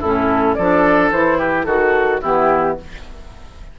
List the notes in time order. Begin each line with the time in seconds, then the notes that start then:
0.00 A2 C#4 E4 A4
0.55 F3 D4 A4 D5
1.11 E3 E4 C5
1.38 G4 B4
1.64 D#3 F#4 A4
2.21 E3 B3 E4 G4